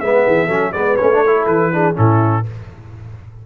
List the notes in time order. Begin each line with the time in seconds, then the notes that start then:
0.00 G#3 B3 B4 E5
0.26 E3 G#4
0.47 F#3 C#4 A4
0.73 G#3 B3 B4 D5
0.97 A3 C#4 C#5
1.13 D4
1.24 E4 A4
1.46 E3 B4
1.73 D4 G#4
1.94 A2 C#4 E4 A4